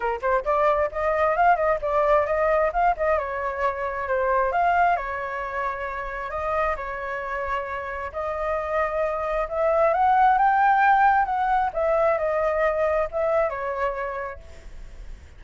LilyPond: \new Staff \with { instrumentName = "flute" } { \time 4/4 \tempo 4 = 133 ais'8 c''8 d''4 dis''4 f''8 dis''8 | d''4 dis''4 f''8 dis''8 cis''4~ | cis''4 c''4 f''4 cis''4~ | cis''2 dis''4 cis''4~ |
cis''2 dis''2~ | dis''4 e''4 fis''4 g''4~ | g''4 fis''4 e''4 dis''4~ | dis''4 e''4 cis''2 | }